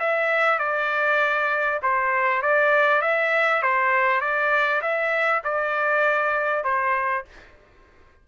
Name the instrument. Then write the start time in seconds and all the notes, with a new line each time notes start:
trumpet
0.00 E5
0.59 D5
1.83 C5
2.42 D5
3.02 E5
3.63 C5
4.21 D5
4.82 E5
5.44 D5
6.64 C5